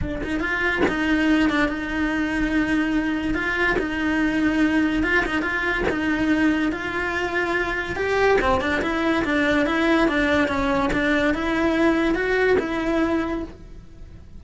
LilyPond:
\new Staff \with { instrumentName = "cello" } { \time 4/4 \tempo 4 = 143 d'8 dis'8 f'4 dis'4. d'8 | dis'1 | f'4 dis'2. | f'8 dis'8 f'4 dis'2 |
f'2. g'4 | c'8 d'8 e'4 d'4 e'4 | d'4 cis'4 d'4 e'4~ | e'4 fis'4 e'2 | }